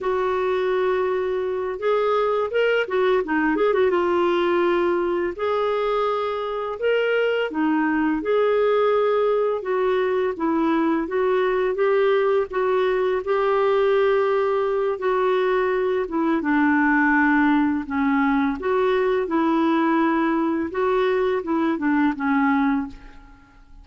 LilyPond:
\new Staff \with { instrumentName = "clarinet" } { \time 4/4 \tempo 4 = 84 fis'2~ fis'8 gis'4 ais'8 | fis'8 dis'8 gis'16 fis'16 f'2 gis'8~ | gis'4. ais'4 dis'4 gis'8~ | gis'4. fis'4 e'4 fis'8~ |
fis'8 g'4 fis'4 g'4.~ | g'4 fis'4. e'8 d'4~ | d'4 cis'4 fis'4 e'4~ | e'4 fis'4 e'8 d'8 cis'4 | }